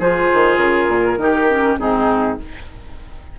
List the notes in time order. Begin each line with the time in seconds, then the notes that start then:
0.00 F3 F4 G#4 C5
0.34 D#3
0.58 C#3 A#4
0.89 A#2
1.18 D#3 D#4 G4
1.50 C#4
1.78 G#2 C4 D#4 G#4